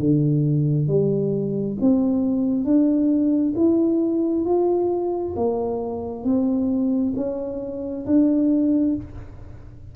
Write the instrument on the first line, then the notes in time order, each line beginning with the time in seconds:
tuba
0.00 D3
0.88 G3
1.81 C4
2.65 D4
3.56 E4
4.45 F4
5.36 A#3
6.24 C4
7.16 C#4
8.06 D4